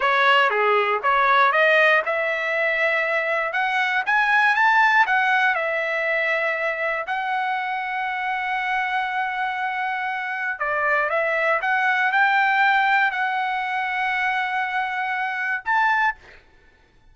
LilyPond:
\new Staff \with { instrumentName = "trumpet" } { \time 4/4 \tempo 4 = 119 cis''4 gis'4 cis''4 dis''4 | e''2. fis''4 | gis''4 a''4 fis''4 e''4~ | e''2 fis''2~ |
fis''1~ | fis''4 d''4 e''4 fis''4 | g''2 fis''2~ | fis''2. a''4 | }